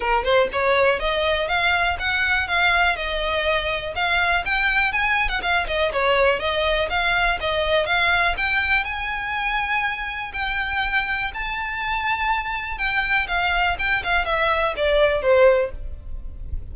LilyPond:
\new Staff \with { instrumentName = "violin" } { \time 4/4 \tempo 4 = 122 ais'8 c''8 cis''4 dis''4 f''4 | fis''4 f''4 dis''2 | f''4 g''4 gis''8. fis''16 f''8 dis''8 | cis''4 dis''4 f''4 dis''4 |
f''4 g''4 gis''2~ | gis''4 g''2 a''4~ | a''2 g''4 f''4 | g''8 f''8 e''4 d''4 c''4 | }